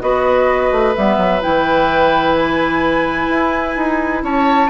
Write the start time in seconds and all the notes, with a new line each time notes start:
0.00 B3 F#4 B4 D#5
0.71 A3
0.95 G3 B3 E5
1.17 F#3
1.41 E3 E4 G5
2.35 G#5
3.28 E4
3.76 D#4
4.22 C#4 C#5 A5